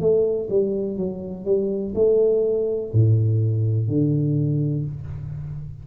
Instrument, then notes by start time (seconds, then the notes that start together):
tuba
0.00 A3
0.50 G3
0.97 F#3
1.45 G3
1.95 A3
2.93 A2
3.88 D3